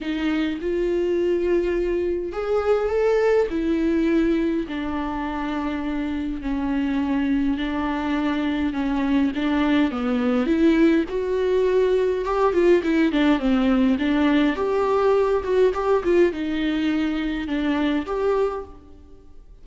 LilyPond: \new Staff \with { instrumentName = "viola" } { \time 4/4 \tempo 4 = 103 dis'4 f'2. | gis'4 a'4 e'2 | d'2. cis'4~ | cis'4 d'2 cis'4 |
d'4 b4 e'4 fis'4~ | fis'4 g'8 f'8 e'8 d'8 c'4 | d'4 g'4. fis'8 g'8 f'8 | dis'2 d'4 g'4 | }